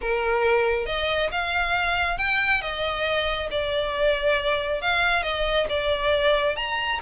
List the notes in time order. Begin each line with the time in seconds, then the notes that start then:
0.01 A#4
0.86 D#5
1.31 F5
2.18 G5
2.61 D#5
3.50 D5
4.81 F5
5.22 D#5
5.69 D5
6.56 A#5